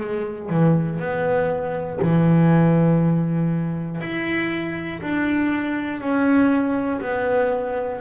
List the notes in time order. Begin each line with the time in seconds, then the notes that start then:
0.00 G#3
0.50 E3
1.00 B3
2.01 E3
4.01 E4
5.01 D4
6.00 C#4
7.01 B3